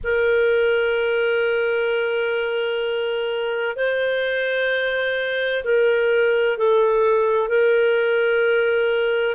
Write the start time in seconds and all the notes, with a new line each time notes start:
0.03 A#4
3.76 C5
5.63 A#4
6.57 A4
7.48 A#4